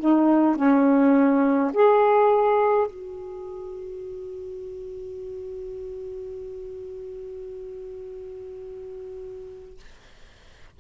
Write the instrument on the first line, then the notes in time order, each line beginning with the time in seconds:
saxophone
0.00 D#4
0.57 C#4
1.74 G#4
2.87 F#4